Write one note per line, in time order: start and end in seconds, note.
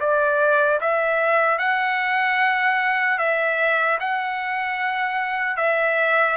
0.00 0.80 D5
0.81 1.58 E5
1.58 3.18 F#5
3.18 3.98 E5
4.00 5.57 F#5
5.57 6.36 E5